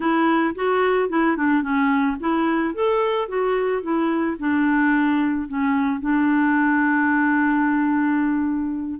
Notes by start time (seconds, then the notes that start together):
0.00 E4
0.55 F#4
1.09 E4
1.36 D4
1.62 C#4
2.19 E4
2.74 A4
3.28 F#4
3.82 E4
4.39 D4
5.47 C#4
6.00 D4